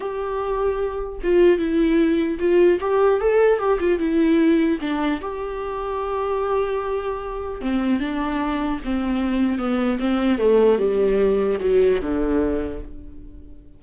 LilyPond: \new Staff \with { instrumentName = "viola" } { \time 4/4 \tempo 4 = 150 g'2. f'4 | e'2 f'4 g'4 | a'4 g'8 f'8 e'2 | d'4 g'2.~ |
g'2. c'4 | d'2 c'2 | b4 c'4 a4 g4~ | g4 fis4 d2 | }